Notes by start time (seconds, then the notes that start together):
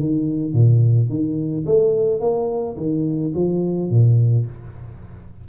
0.00 D#3
0.53 A#2
1.09 D#3
1.66 A3
2.20 A#3
2.77 D#3
3.35 F3
3.90 A#2